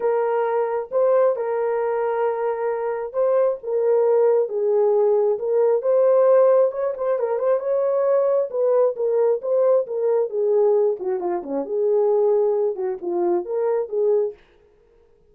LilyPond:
\new Staff \with { instrumentName = "horn" } { \time 4/4 \tempo 4 = 134 ais'2 c''4 ais'4~ | ais'2. c''4 | ais'2 gis'2 | ais'4 c''2 cis''8 c''8 |
ais'8 c''8 cis''2 b'4 | ais'4 c''4 ais'4 gis'4~ | gis'8 fis'8 f'8 cis'8 gis'2~ | gis'8 fis'8 f'4 ais'4 gis'4 | }